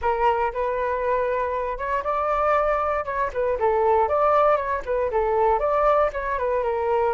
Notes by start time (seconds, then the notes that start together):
0.01 A#4
0.53 B4
1.78 C#5
2.03 D5
3.05 C#5
3.33 B4
3.59 A4
4.08 D5
4.56 C#5
4.85 B4
5.11 A4
5.59 D5
6.12 C#5
6.38 B4
6.63 A#4